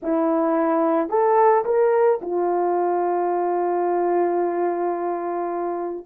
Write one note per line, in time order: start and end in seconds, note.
0.02 1.09 E4
1.09 1.64 A4
1.65 2.20 A#4
2.21 6.06 F4